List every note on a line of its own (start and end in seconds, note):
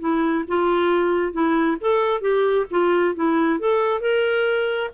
0.00 0.45 E4
0.48 1.32 F4
1.32 1.77 E4
1.81 2.21 A4
2.21 2.66 G4
2.70 3.15 F4
3.15 3.59 E4
3.59 4.01 A4
4.01 4.91 A#4